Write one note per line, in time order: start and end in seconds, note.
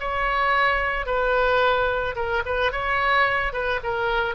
0.00 1.06 C#5
1.06 2.15 B4
2.15 2.43 A#4
2.45 2.72 B4
2.72 3.53 C#5
3.53 3.80 B4
3.83 4.35 A#4